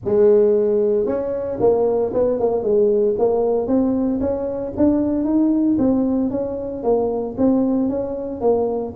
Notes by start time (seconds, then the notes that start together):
0.04 G#3
1.06 C#4
1.59 A#3
2.13 B3
2.39 A#3
2.62 G#3
3.18 A#3
3.67 C4
4.20 C#4
4.76 D4
5.24 D#4
5.78 C4
6.30 C#4
6.83 A#3
7.37 C4
7.89 C#4
8.40 A#3